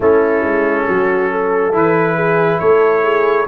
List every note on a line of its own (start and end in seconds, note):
0.00 0.43 A3
0.00 1.72 C#4
0.00 0.87 E4
0.00 1.75 A4
0.43 0.86 G#3
0.88 1.73 F#3
0.88 1.31 F#4
1.31 2.15 A4
1.72 2.60 E3
1.72 3.46 E4
1.72 2.59 B4
2.15 2.59 G#4
2.59 3.48 A3
2.59 3.02 A4
2.59 3.46 C#5
3.02 3.46 G#4